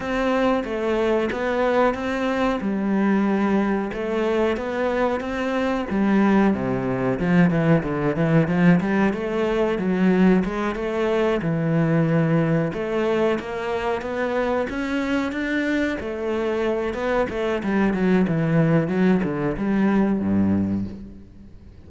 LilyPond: \new Staff \with { instrumentName = "cello" } { \time 4/4 \tempo 4 = 92 c'4 a4 b4 c'4 | g2 a4 b4 | c'4 g4 c4 f8 e8 | d8 e8 f8 g8 a4 fis4 |
gis8 a4 e2 a8~ | a8 ais4 b4 cis'4 d'8~ | d'8 a4. b8 a8 g8 fis8 | e4 fis8 d8 g4 g,4 | }